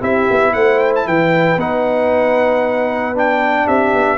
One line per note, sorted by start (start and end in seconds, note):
0.00 0.28 C4
0.00 1.57 E4
0.00 0.52 G4
0.00 0.53 E5
0.30 0.55 B3
0.53 1.06 A3
0.53 1.06 C5
0.53 0.79 F#5
0.79 0.92 G5
0.95 1.07 A5
1.06 1.57 E3
1.06 3.66 B4
1.06 1.59 G5
1.57 3.65 B3
1.57 3.14 D#4
1.57 3.16 F#5
3.14 4.18 D4
3.14 3.67 G5
3.66 3.93 C4
3.66 4.18 G4
3.66 4.18 E5
3.93 4.18 B3